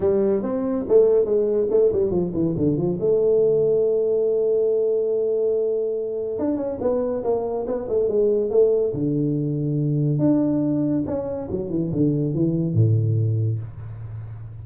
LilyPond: \new Staff \with { instrumentName = "tuba" } { \time 4/4 \tempo 4 = 141 g4 c'4 a4 gis4 | a8 g8 f8 e8 d8 f8 a4~ | a1~ | a2. d'8 cis'8 |
b4 ais4 b8 a8 gis4 | a4 d2. | d'2 cis'4 fis8 e8 | d4 e4 a,2 | }